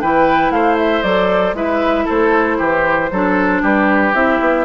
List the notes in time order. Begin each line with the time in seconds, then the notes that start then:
0.00 E3 E4 B4 G5
0.50 A3 C5 F5
0.77 E5
1.02 F#3 A4 D5
1.53 G#3 E4 B4 E5
2.05 A3 A4 C5
2.58 E3 G4
3.11 F#3 D4 A4
3.62 G3 G4 B4
4.13 C4 E4 E5
4.39 B3